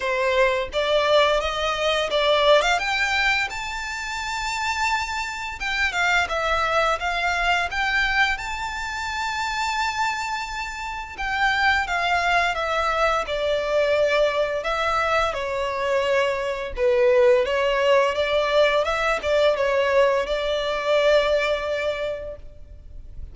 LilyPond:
\new Staff \with { instrumentName = "violin" } { \time 4/4 \tempo 4 = 86 c''4 d''4 dis''4 d''8. f''16 | g''4 a''2. | g''8 f''8 e''4 f''4 g''4 | a''1 |
g''4 f''4 e''4 d''4~ | d''4 e''4 cis''2 | b'4 cis''4 d''4 e''8 d''8 | cis''4 d''2. | }